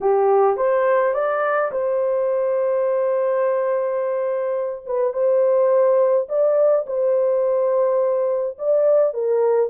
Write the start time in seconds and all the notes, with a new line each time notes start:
0.00 G4
0.56 C5
1.14 D5
1.71 C5
4.86 B4
5.13 C5
6.28 D5
6.86 C5
8.58 D5
9.13 A#4